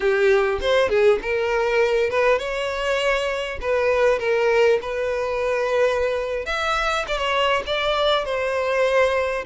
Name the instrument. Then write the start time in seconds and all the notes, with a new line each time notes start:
violin
0.00 G4
0.61 C5
0.89 G#4
1.22 A#4
2.10 B4
2.38 C#5
3.61 B4
4.19 A#4
4.81 B4
6.45 E5
7.07 D5
7.17 C#5
7.66 D5
8.24 C5